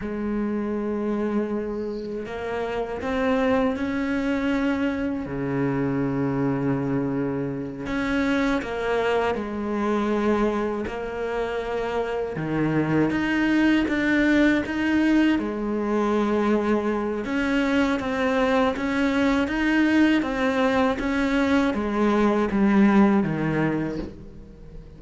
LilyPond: \new Staff \with { instrumentName = "cello" } { \time 4/4 \tempo 4 = 80 gis2. ais4 | c'4 cis'2 cis4~ | cis2~ cis8 cis'4 ais8~ | ais8 gis2 ais4.~ |
ais8 dis4 dis'4 d'4 dis'8~ | dis'8 gis2~ gis8 cis'4 | c'4 cis'4 dis'4 c'4 | cis'4 gis4 g4 dis4 | }